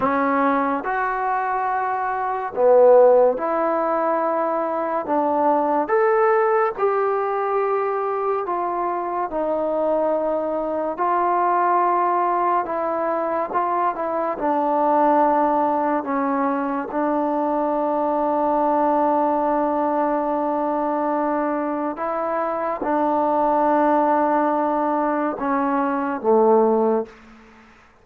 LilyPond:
\new Staff \with { instrumentName = "trombone" } { \time 4/4 \tempo 4 = 71 cis'4 fis'2 b4 | e'2 d'4 a'4 | g'2 f'4 dis'4~ | dis'4 f'2 e'4 |
f'8 e'8 d'2 cis'4 | d'1~ | d'2 e'4 d'4~ | d'2 cis'4 a4 | }